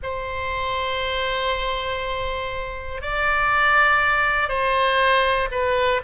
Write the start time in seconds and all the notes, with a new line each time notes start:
0.03 C5
3.01 D5
4.48 C5
5.51 B4